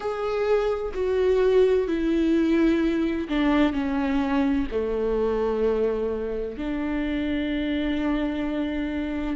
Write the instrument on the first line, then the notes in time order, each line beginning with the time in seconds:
viola
0.00 G#4
0.94 F#4
1.87 E4
3.29 D4
3.72 C#4
4.71 A3
6.57 D4